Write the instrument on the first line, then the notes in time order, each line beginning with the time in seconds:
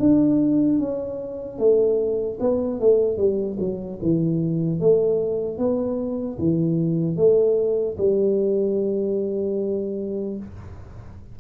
tuba
0.00 D4
0.79 C#4
1.59 A3
2.40 B3
2.80 A3
3.17 G3
3.60 F#3
4.03 E3
4.81 A3
5.59 B3
6.39 E3
7.17 A3
7.98 G3